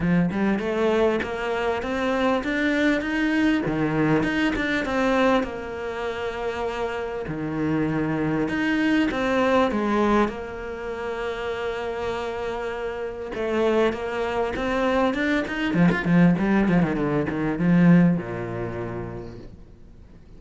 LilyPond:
\new Staff \with { instrumentName = "cello" } { \time 4/4 \tempo 4 = 99 f8 g8 a4 ais4 c'4 | d'4 dis'4 dis4 dis'8 d'8 | c'4 ais2. | dis2 dis'4 c'4 |
gis4 ais2.~ | ais2 a4 ais4 | c'4 d'8 dis'8 f16 f'16 f8 g8 f16 dis16 | d8 dis8 f4 ais,2 | }